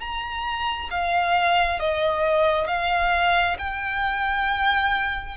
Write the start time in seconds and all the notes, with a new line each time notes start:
0.00 A#5
0.91 F5
1.80 D#5
2.67 F5
3.59 G5